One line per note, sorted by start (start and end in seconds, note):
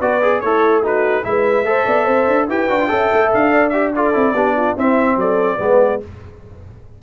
0.00 0.42 B3
0.00 0.22 F#4
0.00 0.41 B4
0.00 0.41 D5
0.22 0.43 G#4
0.41 1.25 A3
0.41 0.83 E4
0.41 0.84 A4
0.41 0.82 C#5
0.83 1.23 D#4
0.83 1.24 F#4
0.83 1.25 B4
1.23 1.64 G#3
1.23 1.65 E4
1.23 1.68 B4
1.23 2.49 E5
1.64 1.85 A3
1.64 2.49 A4
1.64 1.86 C5
1.86 2.07 B3
1.86 2.05 D5
2.05 2.27 C4
2.05 2.46 C5
2.27 2.48 D4
2.48 2.69 E4
2.48 2.69 G4
2.48 2.90 B4
2.48 3.32 G5
2.69 2.90 D4
2.69 2.80 F#4
2.80 2.88 F4
2.88 3.12 C#4
2.88 3.71 A4
2.88 3.52 E5
3.13 3.34 A3
3.34 4.15 D4
3.34 3.70 F5
3.52 3.94 D5
3.70 3.94 G4
3.70 3.90 E5
3.95 4.14 F4
3.95 4.35 A4
3.95 4.78 D5
4.14 4.33 C4
4.14 4.35 E4
4.33 4.75 B3
4.33 4.78 D4
4.33 4.56 G4
4.57 4.76 F4
4.76 5.17 C4
4.76 5.59 C4
4.76 5.17 E4
4.76 5.20 E5
5.17 5.58 F#3
5.17 5.58 A4
5.17 6.03 D5
5.58 6.01 G#3
5.58 6.00 B3
5.58 5.99 B4